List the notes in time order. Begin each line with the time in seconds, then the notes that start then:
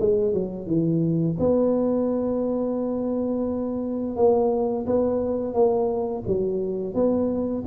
0.00 G#3
0.34 F#3
0.67 E3
1.40 B3
4.16 A#3
4.87 B3
5.54 A#3
6.27 F#3
6.95 B3